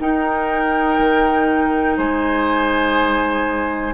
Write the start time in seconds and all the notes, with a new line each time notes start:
0.00 D#4 A#4 G5
0.99 D#3
1.98 G#3 C5 G#5